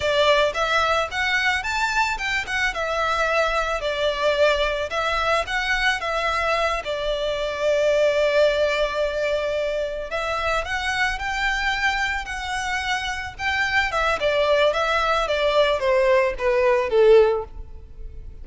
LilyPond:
\new Staff \with { instrumentName = "violin" } { \time 4/4 \tempo 4 = 110 d''4 e''4 fis''4 a''4 | g''8 fis''8 e''2 d''4~ | d''4 e''4 fis''4 e''4~ | e''8 d''2.~ d''8~ |
d''2~ d''8 e''4 fis''8~ | fis''8 g''2 fis''4.~ | fis''8 g''4 e''8 d''4 e''4 | d''4 c''4 b'4 a'4 | }